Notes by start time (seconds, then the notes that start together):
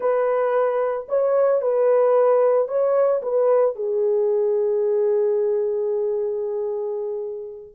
0.00 B4
1.08 C#5
1.61 B4
2.68 C#5
3.22 B4
3.75 G#4